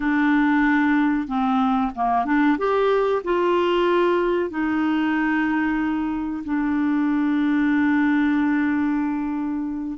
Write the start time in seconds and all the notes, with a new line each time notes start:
0.00 D4
1.27 C4
1.95 A#3
2.25 D4
2.58 G4
3.24 F4
4.50 D#4
6.44 D4